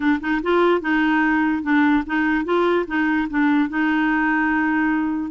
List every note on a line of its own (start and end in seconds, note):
0.00 0.19 D4
0.20 0.41 D#4
0.42 0.81 F4
0.81 1.62 D#4
1.63 2.03 D4
2.06 2.44 D#4
2.44 2.85 F4
2.87 3.27 D#4
3.29 3.69 D4
3.69 5.31 D#4